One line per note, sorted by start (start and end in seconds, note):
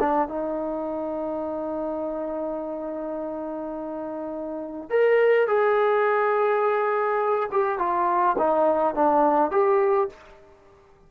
0.00 0.28 D4
0.28 4.90 D#4
4.90 5.48 A#4
5.48 7.49 G#4
7.52 7.79 G4
7.79 8.37 F4
8.38 8.95 D#4
8.95 9.51 D4
9.51 10.09 G4